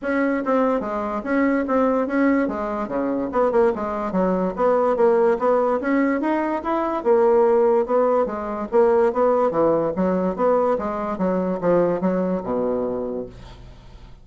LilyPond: \new Staff \with { instrumentName = "bassoon" } { \time 4/4 \tempo 4 = 145 cis'4 c'4 gis4 cis'4 | c'4 cis'4 gis4 cis4 | b8 ais8 gis4 fis4 b4 | ais4 b4 cis'4 dis'4 |
e'4 ais2 b4 | gis4 ais4 b4 e4 | fis4 b4 gis4 fis4 | f4 fis4 b,2 | }